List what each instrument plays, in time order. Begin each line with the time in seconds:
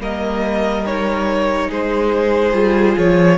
0.00 cello G3, viola A#3, violin A#4 D#5
0.87 viola D#4, violin C#5
1.69 cello G#3, violin G#4 C5
2.54 cello G3, viola F4
2.98 cello F3, violin C#5